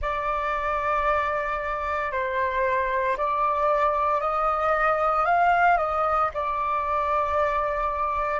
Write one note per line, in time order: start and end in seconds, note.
0.01 2.11 D5
2.11 3.16 C5
3.17 4.21 D5
4.21 5.25 D#5
5.25 5.77 F5
5.77 6.30 D#5
6.34 8.40 D5